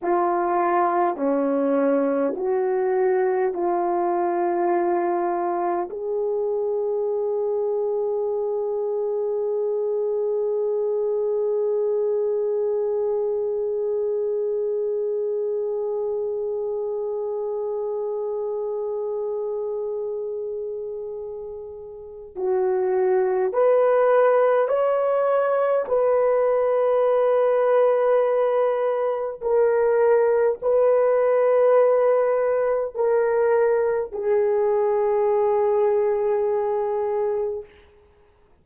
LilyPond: \new Staff \with { instrumentName = "horn" } { \time 4/4 \tempo 4 = 51 f'4 cis'4 fis'4 f'4~ | f'4 gis'2.~ | gis'1~ | gis'1~ |
gis'2. fis'4 | b'4 cis''4 b'2~ | b'4 ais'4 b'2 | ais'4 gis'2. | }